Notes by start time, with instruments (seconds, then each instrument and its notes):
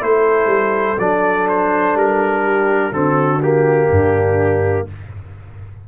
0.00 tuba A3, trombone E4, horn A4, trumpet C5
0.46 tuba G3
0.99 tuba F#3, trombone D4, trumpet D5
1.49 trumpet C5
1.95 tuba G3, trumpet A#4
2.43 horn G4
2.92 tuba D3, trombone C4, horn F#4, trumpet A4
3.43 trombone A#3, trumpet G4
3.89 tuba G2, horn D4